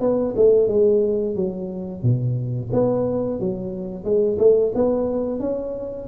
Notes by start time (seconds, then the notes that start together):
0.00 B3
0.36 A3
0.67 G#3
1.35 F#3
2.02 B2
2.72 B3
3.40 F#3
4.04 G#3
4.38 A3
4.74 B3
5.39 C#4